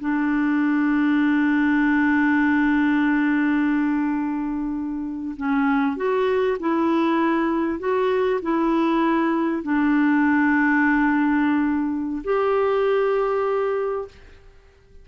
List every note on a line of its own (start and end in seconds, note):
0.00 5.36 D4
5.37 5.97 C#4
5.97 6.58 F#4
6.60 7.79 E4
7.79 8.40 F#4
8.42 9.63 E4
9.63 12.23 D4
12.24 14.08 G4